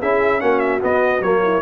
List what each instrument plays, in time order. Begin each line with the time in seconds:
0.00 tuba C#4, trombone E4, horn G#4, trumpet E5
0.40 tuba A#3, trombone C#4, horn F#4, trumpet F#5
0.59 trumpet E5
0.82 trombone B3, tuba B3, trumpet D#5
1.21 tuba F#3, trombone A#3, trumpet C#5
1.43 horn E4